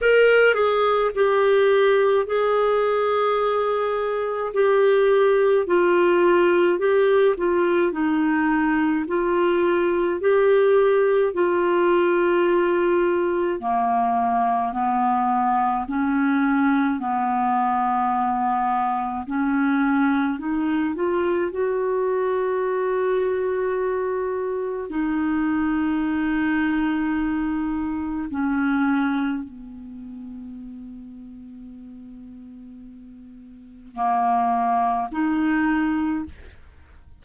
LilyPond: \new Staff \with { instrumentName = "clarinet" } { \time 4/4 \tempo 4 = 53 ais'8 gis'8 g'4 gis'2 | g'4 f'4 g'8 f'8 dis'4 | f'4 g'4 f'2 | ais4 b4 cis'4 b4~ |
b4 cis'4 dis'8 f'8 fis'4~ | fis'2 dis'2~ | dis'4 cis'4 b2~ | b2 ais4 dis'4 | }